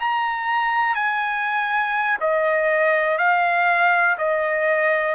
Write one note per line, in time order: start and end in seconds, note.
0.00 0.95 A#5
0.95 2.18 G#5
2.20 3.18 D#5
3.18 4.16 F5
4.18 5.15 D#5